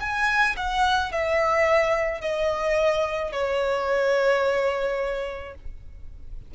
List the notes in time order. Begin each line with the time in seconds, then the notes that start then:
0.00 G#5
0.57 F#5
1.12 E5
2.21 D#5
3.32 C#5